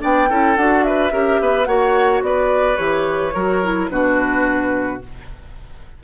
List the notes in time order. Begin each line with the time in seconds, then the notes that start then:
0.00 B3 D4 D5 G5
0.29 C#4 E4 A4
0.57 D4 F#4 F#5
0.84 B4 E5
1.11 C#4 G4 A#4
1.41 B3 B4
1.65 A#3 F#4 C#5 F#5
2.22 B3 B4 D5
2.77 E3 G4 C#5
3.34 F#3 F#4 A#4
3.63 E4
3.90 B2 D4 F#4 B4